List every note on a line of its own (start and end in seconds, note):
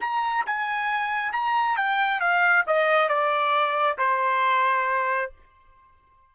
0.00 0.45 A#5
0.46 1.32 G#5
1.32 1.77 A#5
1.77 2.20 G5
2.20 2.65 F5
2.66 3.08 D#5
3.08 3.97 D5
3.98 5.31 C5